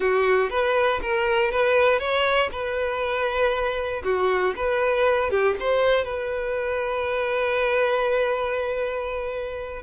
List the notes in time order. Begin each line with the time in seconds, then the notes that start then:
0.00 F#4
0.50 B4
1.02 A#4
1.51 B4
1.99 C#5
2.51 B4
4.04 F#4
4.56 B4
5.30 G4
5.59 C5
6.04 B4